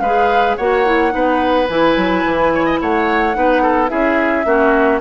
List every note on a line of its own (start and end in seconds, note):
0.00 0.56 G#3
0.00 0.60 G#4
0.00 0.57 B4
0.00 0.56 F5
0.56 1.14 A#3
0.56 0.86 F#4
0.56 1.12 C#5
0.56 1.68 F#5
0.86 1.10 E4
1.10 1.69 B3
1.10 1.66 D#4
1.10 2.54 B4
1.69 1.96 E3
1.69 3.34 E4
1.69 2.80 G#5
1.96 2.24 F#3
2.25 2.81 E3
2.54 2.65 C#5
2.65 2.79 D#5
2.81 3.36 A3
2.81 3.37 C#5
2.81 3.89 F#5
3.34 3.91 B3
3.34 3.88 D#4
3.34 3.62 B4
3.62 3.90 A4
3.88 4.45 C#4
3.88 4.44 E4
3.88 4.46 G#4
3.88 5.00 E5
4.45 5.01 A#3
4.45 5.01 C#4
4.45 5.01 F#4